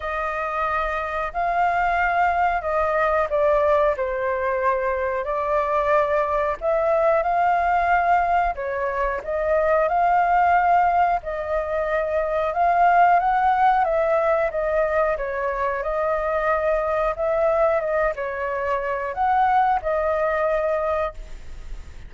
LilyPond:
\new Staff \with { instrumentName = "flute" } { \time 4/4 \tempo 4 = 91 dis''2 f''2 | dis''4 d''4 c''2 | d''2 e''4 f''4~ | f''4 cis''4 dis''4 f''4~ |
f''4 dis''2 f''4 | fis''4 e''4 dis''4 cis''4 | dis''2 e''4 dis''8 cis''8~ | cis''4 fis''4 dis''2 | }